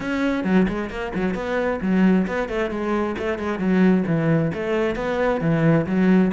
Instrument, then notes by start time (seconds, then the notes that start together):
cello
0.00 C#4
0.44 F#3
0.68 G#3
0.90 A#3
1.14 F#3
1.34 B3
1.81 F#3
2.27 B3
2.49 A3
2.70 G#3
3.18 A3
3.38 G#3
3.58 F#3
4.06 E3
4.53 A3
4.95 B3
5.41 E3
5.86 F#3